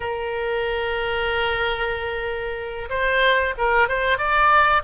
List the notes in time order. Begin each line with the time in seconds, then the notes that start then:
0.00 A#4
2.89 C5
3.57 A#4
3.88 C5
4.18 D5